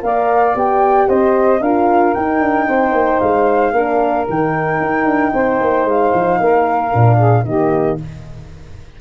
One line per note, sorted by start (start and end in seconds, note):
0.00 0.55 A#3
0.00 0.53 A#4
0.00 1.07 D5
0.00 0.56 F5
0.55 1.08 B3
0.55 1.61 G4
0.55 1.09 G5
1.07 1.60 C4
1.07 1.60 C5
1.07 1.62 D#5
1.60 2.13 D4
1.60 2.16 F4
1.60 2.66 A#4
1.60 2.13 F5
2.13 2.40 D#4
2.13 3.75 D#4
2.13 3.19 G5
2.40 2.67 D4
2.66 2.92 C4
2.66 3.72 C5
2.92 3.18 A#3
3.19 3.72 G#3
3.19 4.25 F5
3.72 4.25 A#3
3.72 4.28 D4
3.72 5.32 A#4
4.29 4.80 D#3
4.29 6.92 D#4
4.29 5.89 G5
4.80 5.05 D#4
5.05 5.31 D4
5.33 5.60 C4
5.33 6.40 C5
5.60 5.84 A#3
5.84 6.11 G#3
5.84 7.44 F5
6.13 6.39 F3
6.40 6.93 A#3
6.40 7.16 A#4
6.92 7.45 A#2
6.92 7.45 D4
7.16 7.43 G#4
7.44 7.98 D#3
7.44 8.00 A#3
7.44 7.99 G4
7.44 7.98 D#5